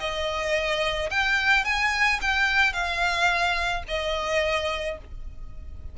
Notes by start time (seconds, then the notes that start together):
0.00 D#5
1.10 G5
1.65 G#5
2.22 G5
2.73 F5
3.88 D#5